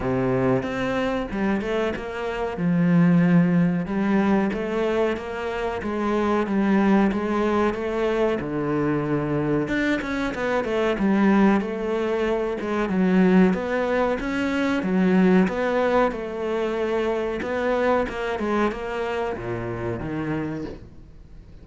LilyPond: \new Staff \with { instrumentName = "cello" } { \time 4/4 \tempo 4 = 93 c4 c'4 g8 a8 ais4 | f2 g4 a4 | ais4 gis4 g4 gis4 | a4 d2 d'8 cis'8 |
b8 a8 g4 a4. gis8 | fis4 b4 cis'4 fis4 | b4 a2 b4 | ais8 gis8 ais4 ais,4 dis4 | }